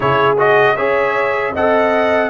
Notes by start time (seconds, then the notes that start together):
0.00 C#3 E4 G#4 C#5
0.37 F#4 D#5
0.75 C#4 G#4 C#5 E5
1.53 C4 A4 D#5 F#5